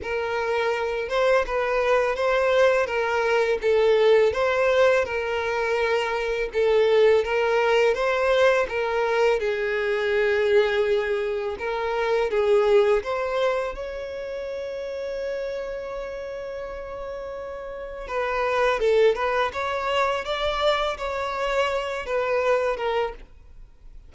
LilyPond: \new Staff \with { instrumentName = "violin" } { \time 4/4 \tempo 4 = 83 ais'4. c''8 b'4 c''4 | ais'4 a'4 c''4 ais'4~ | ais'4 a'4 ais'4 c''4 | ais'4 gis'2. |
ais'4 gis'4 c''4 cis''4~ | cis''1~ | cis''4 b'4 a'8 b'8 cis''4 | d''4 cis''4. b'4 ais'8 | }